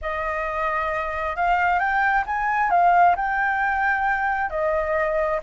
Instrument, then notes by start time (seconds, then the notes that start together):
flute
0.01 D#5
1.36 F5
1.79 G5
2.26 G#5
2.70 F5
3.16 G5
4.49 D#5